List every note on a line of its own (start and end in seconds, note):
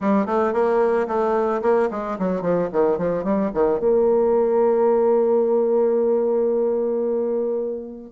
0.00 0.26 G3
0.26 0.53 A3
0.53 1.07 A#3
1.07 1.61 A3
1.62 1.89 A#3
1.90 2.17 G#3
2.18 2.41 F#3
2.41 2.68 F3
2.72 2.98 D#3
2.98 3.24 F3
3.24 3.51 G3
3.54 3.79 D#3
3.79 8.11 A#3